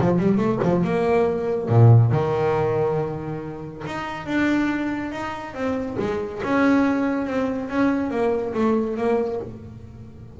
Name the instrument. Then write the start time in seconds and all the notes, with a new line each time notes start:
double bass
0.00 F3
0.19 G3
0.37 A3
0.63 F3
0.84 A#3
1.69 A#2
2.12 D#3
3.86 D#4
4.26 D4
5.11 D#4
5.54 C4
5.99 G#3
6.43 C#4
7.26 C4
7.69 C#4
8.10 A#3
8.54 A3
8.97 A#3